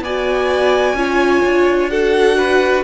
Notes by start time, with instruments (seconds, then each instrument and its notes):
0.00 cello B3, viola F#4, violin D5 G#5
0.93 cello C#4, viola F4, violin C#5
1.44 cello D4
1.90 viola F#4, violin A4 F#5
2.37 violin B4